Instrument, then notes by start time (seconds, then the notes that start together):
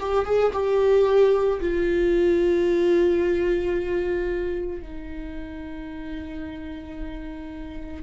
viola
0.00 G4
0.26 G#4
0.53 G4
1.61 F4
4.82 D#4